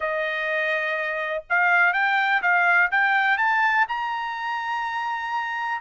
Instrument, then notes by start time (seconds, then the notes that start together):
trumpet
0.00 D#5
1.49 F5
1.93 G5
2.41 F5
2.91 G5
3.37 A5
3.88 A#5